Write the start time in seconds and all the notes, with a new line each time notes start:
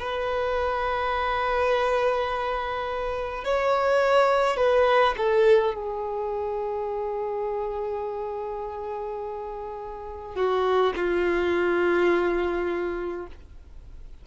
0.00 B4
3.45 C#5
4.57 B4
5.17 A4
5.74 G#4
10.36 F#4
10.96 F4